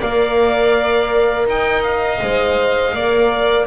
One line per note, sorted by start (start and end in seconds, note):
0.00 1.47 A#3
0.00 2.20 A#4
0.00 1.46 D5
0.00 1.48 F5
1.47 2.20 D#4
1.47 2.96 D#5
1.47 1.84 G5
1.84 3.67 F5
2.22 2.95 G#3
2.22 2.96 C5
2.95 3.67 A#3
2.95 3.67 A#4
2.95 3.67 D5